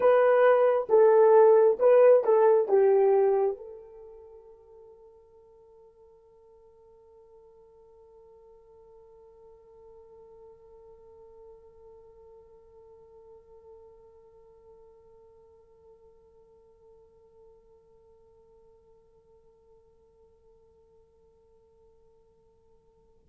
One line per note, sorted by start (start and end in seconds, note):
0.00 0.87 B4
0.89 1.78 A4
1.79 2.23 B4
2.23 2.68 A4
2.68 3.57 G4
3.57 23.27 A4